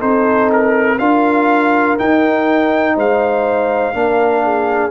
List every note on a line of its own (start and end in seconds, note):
0.00 1.00 C4
0.00 0.99 D#4
0.00 0.98 A4
0.00 0.51 C5
0.53 0.99 A#4
0.99 1.98 D4
0.99 1.99 F4
0.99 2.95 A#4
0.99 1.98 F5
1.99 3.94 D#4
1.99 2.97 D#4
1.99 2.98 G5
2.95 3.94 G#3
2.95 3.94 C5
2.95 4.92 F5
3.94 4.92 A#3
3.94 4.92 D4
3.94 4.45 A#4
4.45 4.92 G#4